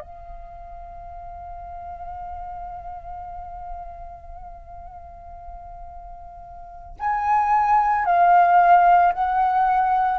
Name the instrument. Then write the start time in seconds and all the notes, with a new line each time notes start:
flute
0.00 F5
6.99 G#5
8.05 F5
9.13 F#5